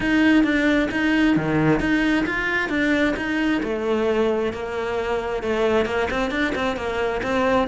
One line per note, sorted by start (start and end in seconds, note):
0.00 0.43 D#4
0.43 0.88 D4
0.91 1.36 D#4
1.36 1.80 D#3
1.80 2.25 D#4
2.26 2.69 F4
2.69 3.14 D4
3.16 3.61 D#4
3.63 4.52 A3
4.52 5.42 A#3
5.42 5.85 A3
5.85 6.08 A#3
6.10 6.30 C4
6.30 6.53 D4
6.55 6.76 C4
6.76 7.21 A#3
7.23 7.67 C4